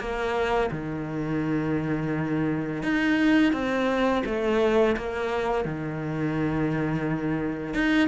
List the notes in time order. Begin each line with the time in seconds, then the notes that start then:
0.00 A#3
0.71 D#3
2.83 D#4
3.53 C4
4.26 A3
4.97 A#3
5.65 D#3
7.74 D#4